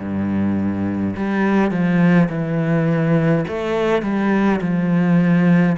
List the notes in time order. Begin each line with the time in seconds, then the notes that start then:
0.00 G2
1.16 G3
1.72 F3
2.30 E3
3.48 A3
4.03 G3
4.62 F3